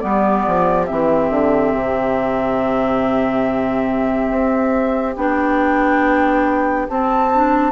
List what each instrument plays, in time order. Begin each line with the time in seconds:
0.00 bassoon G3, clarinet B3, oboe G4, flute D5
0.47 bassoon F3
0.86 bassoon E3, clarinet C4, flute E5
1.30 bassoon D3
1.73 bassoon C3
4.31 bassoon C4
5.16 bassoon B3, clarinet D4, flute G5
6.88 clarinet C4, bassoon C4, flute A5
7.34 clarinet D4